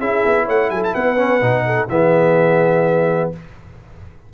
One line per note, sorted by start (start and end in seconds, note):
0.00 0.24 C#4
0.00 1.17 E4
0.00 0.45 G#4
0.00 0.47 E5
0.26 0.48 B3
0.45 0.70 A3
0.45 0.69 C#5
0.45 0.70 F#5
0.70 0.94 F#3
0.70 0.94 A4
0.70 0.82 G#5
0.84 0.94 A5
0.94 1.42 B3
0.94 1.65 B4
0.94 1.89 F#5
1.17 1.40 C#4
1.41 1.89 B2
1.41 1.88 D#4
1.66 1.89 A4
1.89 3.30 E3
1.89 3.33 B3
1.89 3.33 G#4
1.89 3.31 E5